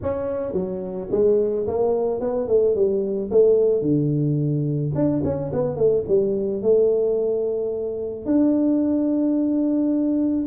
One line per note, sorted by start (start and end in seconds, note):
0.02 0.53 C#4
0.53 1.08 F#3
1.11 1.66 G#3
1.67 2.20 A#3
2.20 2.47 B3
2.47 2.75 A3
2.75 3.30 G3
3.30 3.81 A3
3.81 4.91 D3
4.94 5.22 D4
5.24 5.51 C#4
5.52 5.76 B3
5.76 6.04 A3
6.08 6.62 G3
6.62 8.25 A3
8.25 10.45 D4